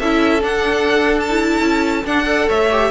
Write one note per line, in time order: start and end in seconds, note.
0.00 0.43 C#4
0.00 0.41 E4
0.00 2.25 A4
0.00 0.43 E5
0.41 1.27 D4
0.41 1.61 D4
0.41 1.20 F#5
1.20 2.06 A5
1.29 2.05 E4
1.61 2.04 C#4
2.05 2.48 D4
2.05 2.26 D4
2.05 2.50 F#5
2.25 2.69 A4
2.25 2.46 D5
2.48 2.91 A3
2.48 2.91 C#5
2.48 2.91 E5
2.72 2.91 G4